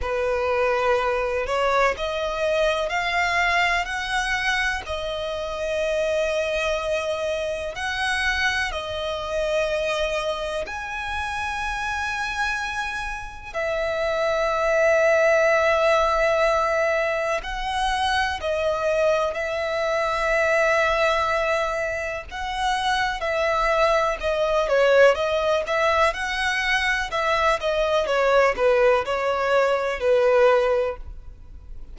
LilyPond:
\new Staff \with { instrumentName = "violin" } { \time 4/4 \tempo 4 = 62 b'4. cis''8 dis''4 f''4 | fis''4 dis''2. | fis''4 dis''2 gis''4~ | gis''2 e''2~ |
e''2 fis''4 dis''4 | e''2. fis''4 | e''4 dis''8 cis''8 dis''8 e''8 fis''4 | e''8 dis''8 cis''8 b'8 cis''4 b'4 | }